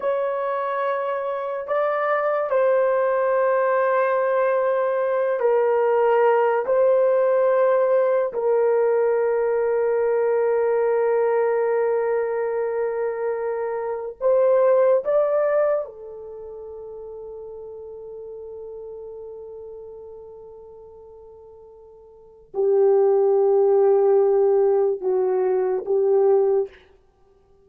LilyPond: \new Staff \with { instrumentName = "horn" } { \time 4/4 \tempo 4 = 72 cis''2 d''4 c''4~ | c''2~ c''8 ais'4. | c''2 ais'2~ | ais'1~ |
ais'4 c''4 d''4 a'4~ | a'1~ | a'2. g'4~ | g'2 fis'4 g'4 | }